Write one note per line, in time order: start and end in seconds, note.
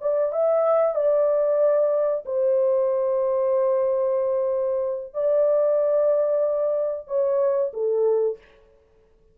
0.00 0.32 D5
0.32 0.95 E5
0.95 2.24 D5
2.25 5.13 C5
5.13 7.07 D5
7.07 7.72 C#5
7.73 8.38 A4